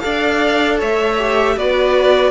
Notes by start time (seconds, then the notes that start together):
0.00 D4 A4 D5 F5
0.79 A3 C#5 E5
1.18 G4
1.57 B3 F#4 B4 D5